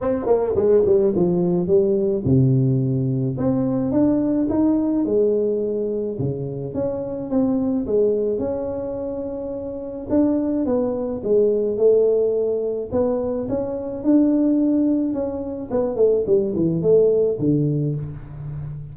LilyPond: \new Staff \with { instrumentName = "tuba" } { \time 4/4 \tempo 4 = 107 c'8 ais8 gis8 g8 f4 g4 | c2 c'4 d'4 | dis'4 gis2 cis4 | cis'4 c'4 gis4 cis'4~ |
cis'2 d'4 b4 | gis4 a2 b4 | cis'4 d'2 cis'4 | b8 a8 g8 e8 a4 d4 | }